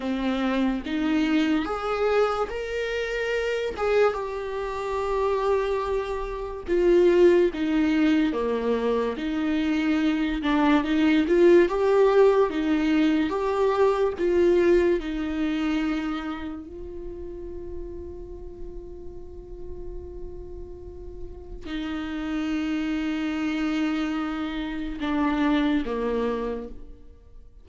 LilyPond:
\new Staff \with { instrumentName = "viola" } { \time 4/4 \tempo 4 = 72 c'4 dis'4 gis'4 ais'4~ | ais'8 gis'8 g'2. | f'4 dis'4 ais4 dis'4~ | dis'8 d'8 dis'8 f'8 g'4 dis'4 |
g'4 f'4 dis'2 | f'1~ | f'2 dis'2~ | dis'2 d'4 ais4 | }